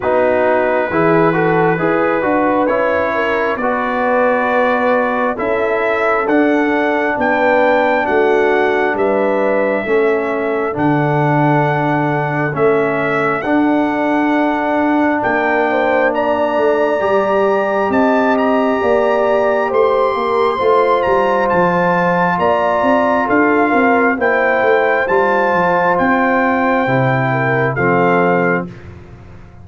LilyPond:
<<
  \new Staff \with { instrumentName = "trumpet" } { \time 4/4 \tempo 4 = 67 b'2. cis''4 | d''2 e''4 fis''4 | g''4 fis''4 e''2 | fis''2 e''4 fis''4~ |
fis''4 g''4 ais''2 | a''8 ais''4. c'''4. ais''8 | a''4 ais''4 f''4 g''4 | a''4 g''2 f''4 | }
  \new Staff \with { instrumentName = "horn" } { \time 4/4 fis'4 gis'8 a'8 b'4. ais'8 | b'2 a'2 | b'4 fis'4 b'4 a'4~ | a'1~ |
a'4 ais'8 c''8 d''2 | dis''4 d''4 c''8 ais'8 c''4~ | c''4 d''4 a'8 ais'8 c''4~ | c''2~ c''8 ais'8 a'4 | }
  \new Staff \with { instrumentName = "trombone" } { \time 4/4 dis'4 e'8 fis'8 gis'8 fis'8 e'4 | fis'2 e'4 d'4~ | d'2. cis'4 | d'2 cis'4 d'4~ |
d'2. g'4~ | g'2. f'4~ | f'2. e'4 | f'2 e'4 c'4 | }
  \new Staff \with { instrumentName = "tuba" } { \time 4/4 b4 e4 e'8 d'8 cis'4 | b2 cis'4 d'4 | b4 a4 g4 a4 | d2 a4 d'4~ |
d'4 ais4. a8 g4 | c'4 ais4 a8 ais8 a8 g8 | f4 ais8 c'8 d'8 c'8 ais8 a8 | g8 f8 c'4 c4 f4 | }
>>